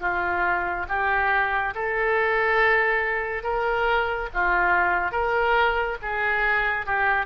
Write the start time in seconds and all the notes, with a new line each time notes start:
0.00 F4
0.88 G4
1.75 A4
3.43 A#4
4.34 F4
5.11 A#4
6.02 G#4
6.86 G4